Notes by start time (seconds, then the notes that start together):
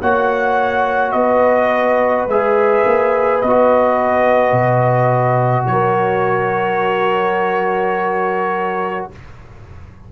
0.00 A#3 F#4 C#5 F#5
1.11 B3 B4 D#5
2.27 G#3 G#4 E5
2.85 A#3
3.41 B3 F#4 D#5
4.51 B2
5.66 F#3 A#4 C#5